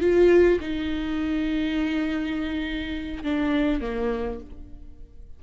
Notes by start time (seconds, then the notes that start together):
0.00 F4
0.60 D#4
3.23 D4
3.80 A#3